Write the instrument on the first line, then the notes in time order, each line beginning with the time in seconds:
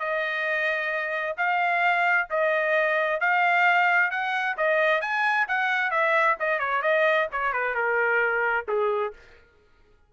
trumpet
0.00 D#5
1.37 F5
2.30 D#5
3.20 F5
4.11 F#5
4.57 D#5
5.01 G#5
5.48 F#5
5.91 E5
6.40 D#5
6.60 C#5
6.82 D#5
7.32 C#5
7.53 B4
7.75 A#4
8.68 G#4